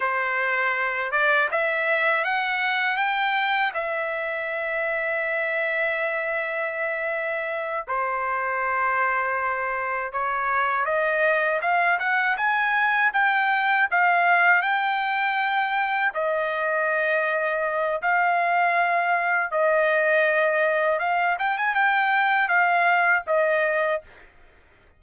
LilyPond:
\new Staff \with { instrumentName = "trumpet" } { \time 4/4 \tempo 4 = 80 c''4. d''8 e''4 fis''4 | g''4 e''2.~ | e''2~ e''8 c''4.~ | c''4. cis''4 dis''4 f''8 |
fis''8 gis''4 g''4 f''4 g''8~ | g''4. dis''2~ dis''8 | f''2 dis''2 | f''8 g''16 gis''16 g''4 f''4 dis''4 | }